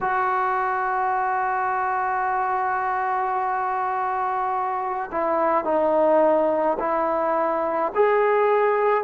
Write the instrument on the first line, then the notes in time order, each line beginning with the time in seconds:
trombone
0.01 F#4
5.11 E4
5.64 D#4
6.79 E4
7.95 G#4